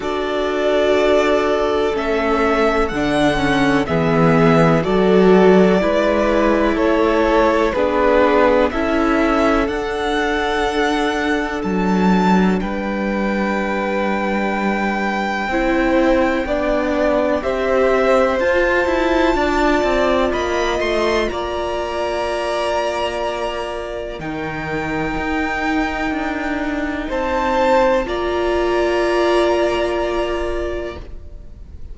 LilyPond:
<<
  \new Staff \with { instrumentName = "violin" } { \time 4/4 \tempo 4 = 62 d''2 e''4 fis''4 | e''4 d''2 cis''4 | b'4 e''4 fis''2 | a''4 g''2.~ |
g''2 e''4 a''4~ | a''4 b''8 c'''8 ais''2~ | ais''4 g''2. | a''4 ais''2. | }
  \new Staff \with { instrumentName = "violin" } { \time 4/4 a'1 | gis'4 a'4 b'4 a'4 | gis'4 a'2.~ | a'4 b'2. |
c''4 d''4 c''2 | d''4 dis''4 d''2~ | d''4 ais'2. | c''4 d''2. | }
  \new Staff \with { instrumentName = "viola" } { \time 4/4 fis'2 cis'4 d'8 cis'8 | b4 fis'4 e'2 | d'4 e'4 d'2~ | d'1 |
e'4 d'4 g'4 f'4~ | f'1~ | f'4 dis'2.~ | dis'4 f'2. | }
  \new Staff \with { instrumentName = "cello" } { \time 4/4 d'2 a4 d4 | e4 fis4 gis4 a4 | b4 cis'4 d'2 | fis4 g2. |
c'4 b4 c'4 f'8 e'8 | d'8 c'8 ais8 a8 ais2~ | ais4 dis4 dis'4 d'4 | c'4 ais2. | }
>>